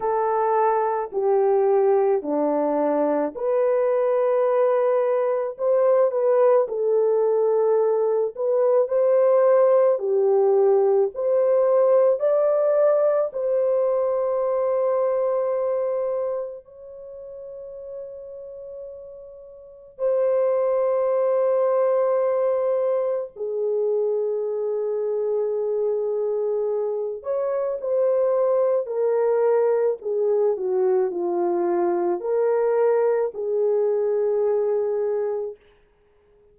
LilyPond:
\new Staff \with { instrumentName = "horn" } { \time 4/4 \tempo 4 = 54 a'4 g'4 d'4 b'4~ | b'4 c''8 b'8 a'4. b'8 | c''4 g'4 c''4 d''4 | c''2. cis''4~ |
cis''2 c''2~ | c''4 gis'2.~ | gis'8 cis''8 c''4 ais'4 gis'8 fis'8 | f'4 ais'4 gis'2 | }